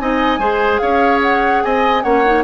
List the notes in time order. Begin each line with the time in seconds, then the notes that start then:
0.00 C4 D#4 D#5 G#5
0.39 G#3 G#4 C5
0.79 C#4 C#5 F5
1.22 F#5
1.63 C4 D#5 G#5
2.02 A#3 C#4 C#5 F#5
2.25 D#4